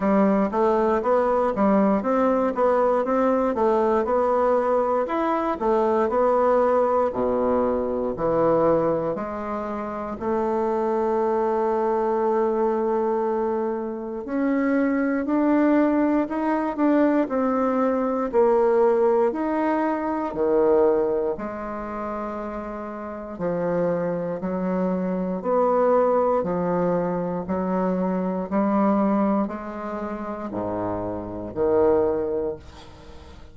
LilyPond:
\new Staff \with { instrumentName = "bassoon" } { \time 4/4 \tempo 4 = 59 g8 a8 b8 g8 c'8 b8 c'8 a8 | b4 e'8 a8 b4 b,4 | e4 gis4 a2~ | a2 cis'4 d'4 |
dis'8 d'8 c'4 ais4 dis'4 | dis4 gis2 f4 | fis4 b4 f4 fis4 | g4 gis4 gis,4 dis4 | }